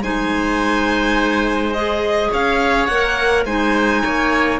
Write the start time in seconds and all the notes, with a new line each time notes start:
0.00 G#3 D#4 C5 G#5
1.73 G#4 D#5
2.30 C#4 C#5 F5
2.86 A#3 A#4 F#5
3.45 G#3 D#4 C5 G#5
4.03 A#3 C#5